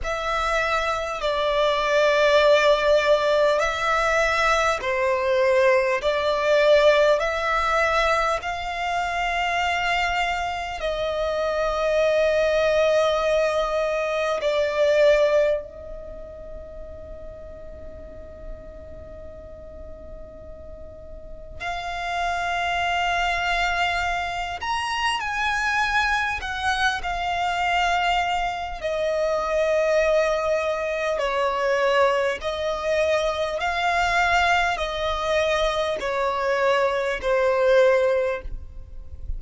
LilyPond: \new Staff \with { instrumentName = "violin" } { \time 4/4 \tempo 4 = 50 e''4 d''2 e''4 | c''4 d''4 e''4 f''4~ | f''4 dis''2. | d''4 dis''2.~ |
dis''2 f''2~ | f''8 ais''8 gis''4 fis''8 f''4. | dis''2 cis''4 dis''4 | f''4 dis''4 cis''4 c''4 | }